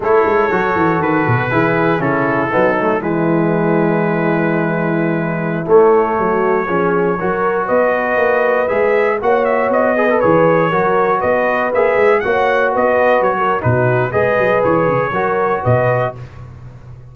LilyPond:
<<
  \new Staff \with { instrumentName = "trumpet" } { \time 4/4 \tempo 4 = 119 cis''2 b'2 | a'2 b'2~ | b'2.~ b'16 cis''8.~ | cis''2.~ cis''16 dis''8.~ |
dis''4~ dis''16 e''4 fis''8 e''8 dis''8.~ | dis''16 cis''2 dis''4 e''8.~ | e''16 fis''4 dis''4 cis''8. b'4 | dis''4 cis''2 dis''4 | }
  \new Staff \with { instrumentName = "horn" } { \time 4/4 a'2. gis'4 | e'4 dis'4 e'2~ | e'1~ | e'16 fis'4 gis'4 ais'4 b'8.~ |
b'2~ b'16 cis''4. b'16~ | b'4~ b'16 ais'4 b'4.~ b'16~ | b'16 cis''4 b'4~ b'16 ais'8 fis'4 | b'2 ais'4 b'4 | }
  \new Staff \with { instrumentName = "trombone" } { \time 4/4 e'4 fis'2 e'4 | cis'4 b8 a8 gis2~ | gis2.~ gis16 a8.~ | a4~ a16 cis'4 fis'4.~ fis'16~ |
fis'4~ fis'16 gis'4 fis'4. gis'16 | a'16 gis'4 fis'2 gis'8.~ | gis'16 fis'2~ fis'8. dis'4 | gis'2 fis'2 | }
  \new Staff \with { instrumentName = "tuba" } { \time 4/4 a8 gis8 fis8 e8 dis8 b,8 e4 | cis4 fis4 e2~ | e2.~ e16 a8.~ | a16 fis4 f4 fis4 b8.~ |
b16 ais4 gis4 ais4 b8.~ | b16 e4 fis4 b4 ais8 gis16~ | gis16 ais4 b4 fis8. b,4 | gis8 fis8 e8 cis8 fis4 b,4 | }
>>